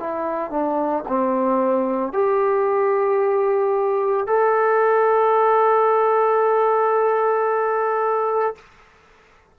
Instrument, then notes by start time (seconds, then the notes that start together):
trombone
0.00 E4
0.51 D4
1.08 C4
2.13 G4
4.27 A4